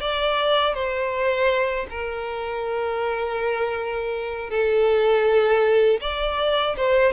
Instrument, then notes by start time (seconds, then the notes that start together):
violin
0.00 D5
0.74 C5
1.90 A#4
4.50 A4
6.00 D5
6.76 C5